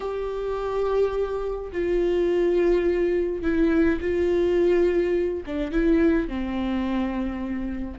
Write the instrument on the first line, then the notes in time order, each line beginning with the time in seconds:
viola
0.00 G4
1.71 F4
3.42 E4
4.00 F4
5.45 D4
5.71 E4
6.28 C4